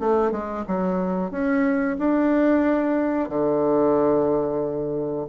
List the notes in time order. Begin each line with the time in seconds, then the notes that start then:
0.00 A3
0.31 G#3
0.67 F#3
1.31 C#4
1.98 D4
3.29 D3